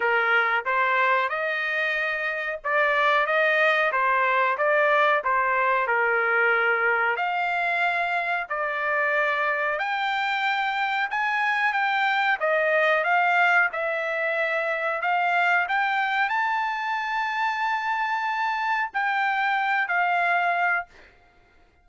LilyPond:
\new Staff \with { instrumentName = "trumpet" } { \time 4/4 \tempo 4 = 92 ais'4 c''4 dis''2 | d''4 dis''4 c''4 d''4 | c''4 ais'2 f''4~ | f''4 d''2 g''4~ |
g''4 gis''4 g''4 dis''4 | f''4 e''2 f''4 | g''4 a''2.~ | a''4 g''4. f''4. | }